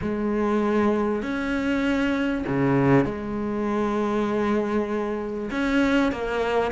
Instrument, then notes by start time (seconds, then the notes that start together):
cello
0.01 G#3
1.22 C#4
2.47 C#3
3.04 G#3
5.50 C#4
6.12 A#3